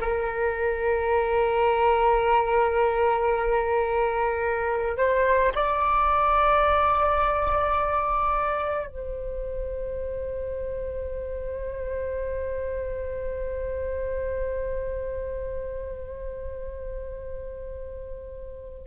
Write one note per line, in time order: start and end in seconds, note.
0.00 4.97 A#4
4.97 5.53 C5
5.55 8.87 D5
8.87 18.87 C5